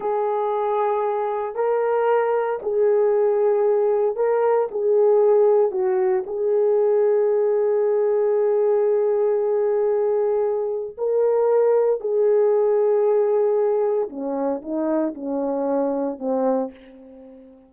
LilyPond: \new Staff \with { instrumentName = "horn" } { \time 4/4 \tempo 4 = 115 gis'2. ais'4~ | ais'4 gis'2. | ais'4 gis'2 fis'4 | gis'1~ |
gis'1~ | gis'4 ais'2 gis'4~ | gis'2. cis'4 | dis'4 cis'2 c'4 | }